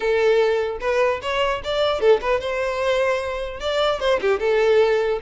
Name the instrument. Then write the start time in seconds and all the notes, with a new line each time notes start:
violin
0.00 A4
0.80 B4
1.21 C#5
1.63 D5
2.00 A4
2.21 B4
2.40 C5
3.59 D5
4.00 C5
4.21 G4
4.39 A4